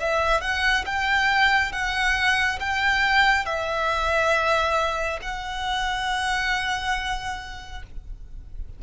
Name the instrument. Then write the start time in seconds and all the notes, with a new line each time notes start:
violin
0.00 E5
0.41 F#5
0.85 G5
1.72 F#5
2.60 G5
3.45 E5
5.21 F#5